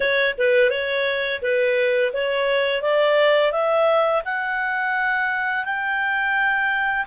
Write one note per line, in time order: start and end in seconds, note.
0.00 0.35 C#5
0.38 0.70 B4
0.70 1.40 C#5
1.41 2.12 B4
2.13 2.81 C#5
2.81 3.52 D5
3.52 4.22 E5
4.24 5.64 F#5
5.64 7.06 G5